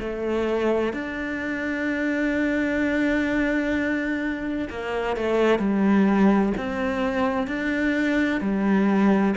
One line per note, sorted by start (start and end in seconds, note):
0.00 0.93 A3
0.93 4.68 D4
4.70 5.16 A#3
5.17 5.59 A3
5.59 6.53 G3
6.58 7.47 C4
7.47 8.41 D4
8.41 9.35 G3